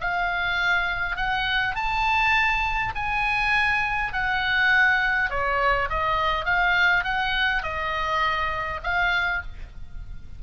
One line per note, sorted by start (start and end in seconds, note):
0.00 1.16 F5
1.16 1.75 F#5
1.75 2.93 A5
2.95 4.13 G#5
4.13 5.30 F#5
5.30 5.89 C#5
5.89 6.45 D#5
6.45 7.03 F5
7.03 7.62 F#5
7.63 8.80 D#5
8.83 9.42 F5